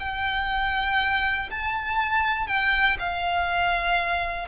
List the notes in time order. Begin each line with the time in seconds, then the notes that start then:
0.00 G5
1.51 A5
2.48 G5
2.99 F5